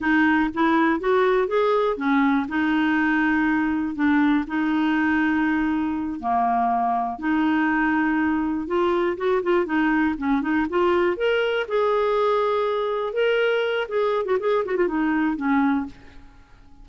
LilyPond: \new Staff \with { instrumentName = "clarinet" } { \time 4/4 \tempo 4 = 121 dis'4 e'4 fis'4 gis'4 | cis'4 dis'2. | d'4 dis'2.~ | dis'8 ais2 dis'4.~ |
dis'4. f'4 fis'8 f'8 dis'8~ | dis'8 cis'8 dis'8 f'4 ais'4 gis'8~ | gis'2~ gis'8 ais'4. | gis'8. fis'16 gis'8 fis'16 f'16 dis'4 cis'4 | }